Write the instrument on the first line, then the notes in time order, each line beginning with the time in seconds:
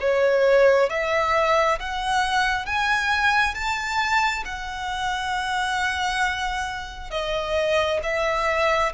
violin
0.00 C#5
0.89 E5
1.79 F#5
2.65 G#5
3.54 A5
4.45 F#5
7.10 D#5
8.03 E5